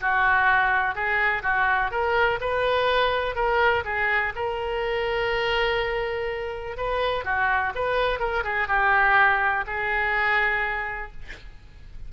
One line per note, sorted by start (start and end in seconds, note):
0.00 0.95 F#4
0.95 1.42 G#4
1.42 1.90 F#4
1.90 2.39 A#4
2.40 3.35 B4
3.35 3.83 A#4
3.84 4.33 G#4
4.35 6.76 A#4
6.76 7.24 B4
7.24 7.73 F#4
7.75 8.19 B4
8.19 8.43 A#4
8.43 8.67 G#4
8.67 9.64 G4
9.66 11.11 G#4